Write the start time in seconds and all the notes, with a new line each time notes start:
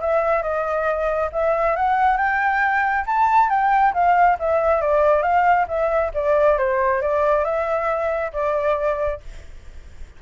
0.00 E5
0.42 D#5
1.32 E5
1.76 F#5
2.17 G5
3.06 A5
3.49 G5
3.93 F5
4.39 E5
4.81 D5
5.22 F5
5.68 E5
6.14 D5
6.58 C5
7.01 D5
7.44 E5
8.33 D5